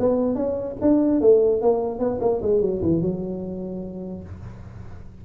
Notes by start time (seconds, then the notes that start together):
0.00 B3
0.36 C#4
0.81 D4
1.21 A3
1.62 A#3
2.00 B3
2.21 A#3
2.42 G#3
2.62 F#3
2.82 E3
3.02 F#3